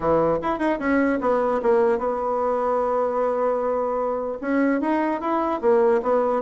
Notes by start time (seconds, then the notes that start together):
0.00 E3
0.41 E4
0.58 D#4
0.79 C#4
1.20 B3
1.62 A#3
1.98 B3
4.41 C#4
4.81 D#4
5.20 E4
5.61 A#3
6.02 B3